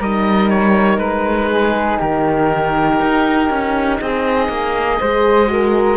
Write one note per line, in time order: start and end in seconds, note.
0.00 0.98 G3
0.00 5.02 D#4
0.00 1.50 A#4
0.00 0.50 D#5
0.50 0.99 C#5
0.98 1.98 G#3
0.98 1.99 B4
1.50 2.00 G#4
2.00 3.01 D#3
2.00 4.00 G4
2.00 4.01 A#4
3.01 3.50 D#4
3.50 4.00 C#4
4.00 4.49 C4
4.00 5.00 G#4
4.00 5.98 D#5
4.49 4.99 A#3
5.01 5.98 G#3
5.01 5.47 G#4
5.01 5.51 C5
5.47 5.97 F#4
5.47 5.98 A#4